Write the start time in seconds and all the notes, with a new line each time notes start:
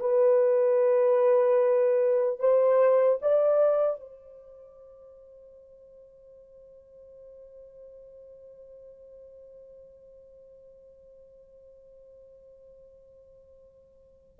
0.00 B4
2.40 C5
3.22 D5
4.00 C5